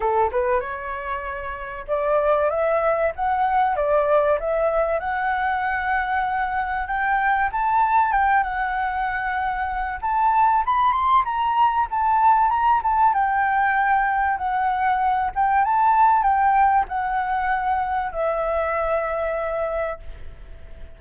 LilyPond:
\new Staff \with { instrumentName = "flute" } { \time 4/4 \tempo 4 = 96 a'8 b'8 cis''2 d''4 | e''4 fis''4 d''4 e''4 | fis''2. g''4 | a''4 g''8 fis''2~ fis''8 |
a''4 b''8 c'''8 ais''4 a''4 | ais''8 a''8 g''2 fis''4~ | fis''8 g''8 a''4 g''4 fis''4~ | fis''4 e''2. | }